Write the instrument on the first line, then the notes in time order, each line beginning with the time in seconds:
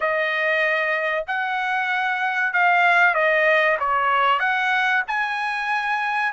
trumpet
0.00 D#5
1.27 F#5
2.53 F5
3.14 D#5
3.79 C#5
4.39 F#5
5.07 G#5